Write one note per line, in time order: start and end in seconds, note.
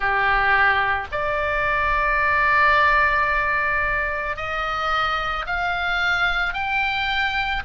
0.00 1.07 G4
1.12 4.36 D5
4.36 5.45 D#5
5.46 6.53 F5
6.53 7.62 G5